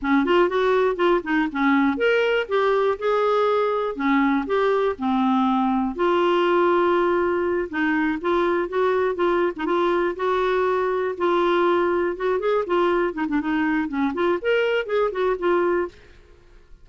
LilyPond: \new Staff \with { instrumentName = "clarinet" } { \time 4/4 \tempo 4 = 121 cis'8 f'8 fis'4 f'8 dis'8 cis'4 | ais'4 g'4 gis'2 | cis'4 g'4 c'2 | f'2.~ f'8 dis'8~ |
dis'8 f'4 fis'4 f'8. dis'16 f'8~ | f'8 fis'2 f'4.~ | f'8 fis'8 gis'8 f'4 dis'16 d'16 dis'4 | cis'8 f'8 ais'4 gis'8 fis'8 f'4 | }